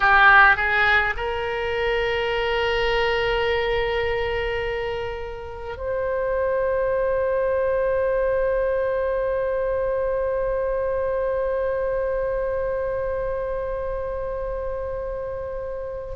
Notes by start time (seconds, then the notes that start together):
0.00 G4
0.56 G#4
1.16 A#4
5.76 C5